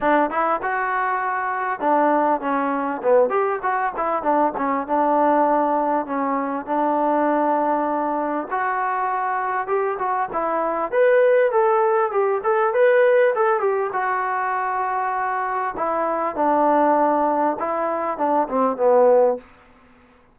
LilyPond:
\new Staff \with { instrumentName = "trombone" } { \time 4/4 \tempo 4 = 99 d'8 e'8 fis'2 d'4 | cis'4 b8 g'8 fis'8 e'8 d'8 cis'8 | d'2 cis'4 d'4~ | d'2 fis'2 |
g'8 fis'8 e'4 b'4 a'4 | g'8 a'8 b'4 a'8 g'8 fis'4~ | fis'2 e'4 d'4~ | d'4 e'4 d'8 c'8 b4 | }